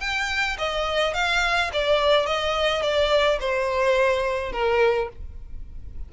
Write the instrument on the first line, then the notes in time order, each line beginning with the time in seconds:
violin
0.00 G5
0.58 D#5
1.14 F5
1.73 D5
2.26 D#5
2.82 D5
3.39 C5
4.52 A#4